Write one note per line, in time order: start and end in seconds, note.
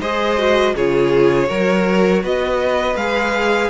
0.00 0.74 G#3
0.00 0.38 G#4
0.00 0.74 C5
0.00 0.75 D#5
0.38 0.75 F#4
0.75 1.50 C#3
0.75 1.47 F4
0.75 1.48 G#4
0.75 2.24 C#5
1.47 2.23 F#3
1.47 2.95 F#4
1.47 2.22 A#4
2.23 2.95 B3
2.23 3.70 B4
2.23 2.96 D#5
2.95 3.69 G#3
2.95 3.70 G#4
2.95 3.70 F5